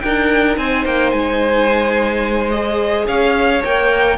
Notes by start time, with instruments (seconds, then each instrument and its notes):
0.00 cello D4, viola D#4, violin A#4 G5
0.57 cello C4, violin C5 G#5
0.85 cello A#3, violin G5
1.11 cello G#3, violin G#5
2.50 viola G#4, violin D#5
3.06 cello C#4, violin C#5 F5
3.62 cello A#3, viola A#4, violin G5